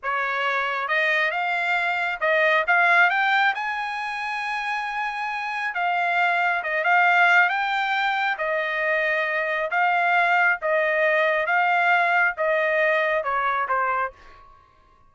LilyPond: \new Staff \with { instrumentName = "trumpet" } { \time 4/4 \tempo 4 = 136 cis''2 dis''4 f''4~ | f''4 dis''4 f''4 g''4 | gis''1~ | gis''4 f''2 dis''8 f''8~ |
f''4 g''2 dis''4~ | dis''2 f''2 | dis''2 f''2 | dis''2 cis''4 c''4 | }